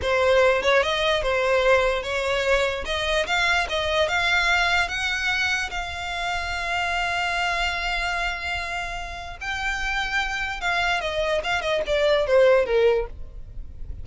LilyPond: \new Staff \with { instrumentName = "violin" } { \time 4/4 \tempo 4 = 147 c''4. cis''8 dis''4 c''4~ | c''4 cis''2 dis''4 | f''4 dis''4 f''2 | fis''2 f''2~ |
f''1~ | f''2. g''4~ | g''2 f''4 dis''4 | f''8 dis''8 d''4 c''4 ais'4 | }